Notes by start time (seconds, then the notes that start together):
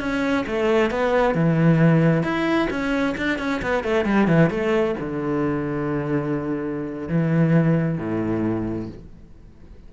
0.00 C#4
0.47 A3
0.90 B3
1.34 E3
2.23 E4
2.70 C#4
3.17 D4
3.39 C#4
3.62 B3
3.84 A3
4.05 G3
4.28 E3
4.50 A3
5.00 D3
7.09 E3
7.98 A2